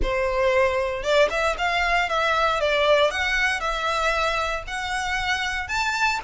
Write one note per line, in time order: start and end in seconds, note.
0.02 1.03 C5
1.03 1.29 D5
1.30 1.55 E5
1.58 2.09 F5
2.09 2.60 E5
2.60 3.11 D5
3.11 3.60 F#5
3.60 4.63 E5
4.67 5.68 F#5
5.68 6.19 A5